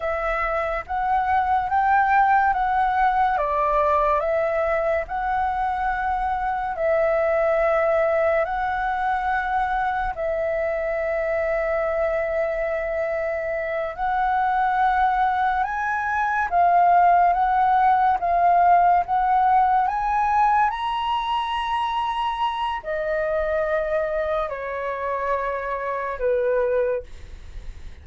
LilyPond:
\new Staff \with { instrumentName = "flute" } { \time 4/4 \tempo 4 = 71 e''4 fis''4 g''4 fis''4 | d''4 e''4 fis''2 | e''2 fis''2 | e''1~ |
e''8 fis''2 gis''4 f''8~ | f''8 fis''4 f''4 fis''4 gis''8~ | gis''8 ais''2~ ais''8 dis''4~ | dis''4 cis''2 b'4 | }